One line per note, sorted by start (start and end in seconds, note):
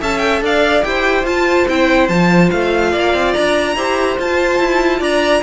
0.00 0.42 C#4
0.00 0.83 A4
0.00 0.43 E5
0.00 0.19 A5
0.19 0.39 G5
0.42 0.83 D4
0.42 0.87 D5
0.42 0.84 F5
0.83 1.24 E4
0.83 1.25 G4
0.83 2.92 C5
0.83 1.26 G5
1.24 1.66 F4
1.24 1.68 F4
1.24 1.68 A5
1.68 2.09 C4
1.68 2.10 E4
1.68 2.09 G5
2.09 2.50 F3
2.09 3.77 F4
2.09 2.50 A5
2.51 2.94 A3
2.51 3.34 F5
2.92 3.14 A#3
2.92 3.75 D5
3.14 3.35 C4
3.34 3.76 D4
3.34 4.17 A#5
3.76 4.18 E4
3.76 4.18 G4
3.76 5.00 C5
4.18 5.43 F4
4.18 4.60 F4
4.18 5.03 A5
4.60 5.01 E4
5.00 5.43 D4
5.00 5.42 D5
5.00 5.43 A#5